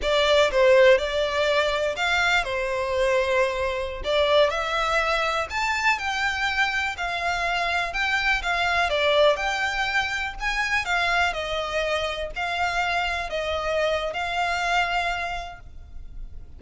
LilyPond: \new Staff \with { instrumentName = "violin" } { \time 4/4 \tempo 4 = 123 d''4 c''4 d''2 | f''4 c''2.~ | c''16 d''4 e''2 a''8.~ | a''16 g''2 f''4.~ f''16~ |
f''16 g''4 f''4 d''4 g''8.~ | g''4~ g''16 gis''4 f''4 dis''8.~ | dis''4~ dis''16 f''2 dis''8.~ | dis''4 f''2. | }